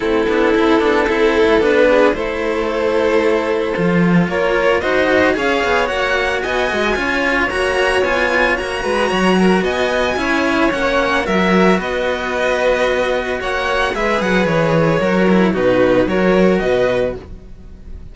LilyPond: <<
  \new Staff \with { instrumentName = "violin" } { \time 4/4 \tempo 4 = 112 a'2. b'4 | c''1 | cis''4 dis''4 f''4 fis''4 | gis''2 ais''4 gis''4 |
ais''2 gis''2 | fis''4 e''4 dis''2~ | dis''4 fis''4 e''8 fis''8 cis''4~ | cis''4 b'4 cis''4 dis''4 | }
  \new Staff \with { instrumentName = "violin" } { \time 4/4 e'2 a'4. gis'8 | a'1 | ais'4 c''4 cis''2 | dis''4 cis''2.~ |
cis''8 b'8 cis''8 ais'8 dis''4 cis''4~ | cis''4 ais'4 b'2~ | b'4 cis''4 b'2 | ais'4 fis'4 ais'4 b'4 | }
  \new Staff \with { instrumentName = "cello" } { \time 4/4 c'8 d'8 e'8 d'8 e'4 d'4 | e'2. f'4~ | f'4 fis'4 gis'4 fis'4~ | fis'4 f'4 fis'4 f'4 |
fis'2. e'4 | cis'4 fis'2.~ | fis'2 gis'2 | fis'8 e'8 dis'4 fis'2 | }
  \new Staff \with { instrumentName = "cello" } { \time 4/4 a8 b8 c'8 b8 c'8. a16 b4 | a2. f4 | ais4 dis'4 cis'8 b8 ais4 | b8 gis8 cis'4 ais4 b4 |
ais8 gis8 fis4 b4 cis'4 | ais4 fis4 b2~ | b4 ais4 gis8 fis8 e4 | fis4 b,4 fis4 b,4 | }
>>